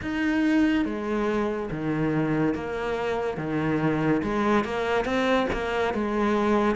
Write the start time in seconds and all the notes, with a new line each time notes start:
0.02 D#4
0.85 G#3
1.70 D#3
2.54 A#3
3.37 D#3
4.23 G#3
4.64 A#3
5.04 C4
5.52 A#3
5.93 G#3